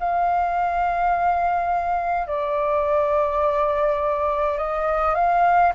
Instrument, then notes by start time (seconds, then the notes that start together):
flute
0.00 F5
2.28 D5
4.57 D#5
5.15 F5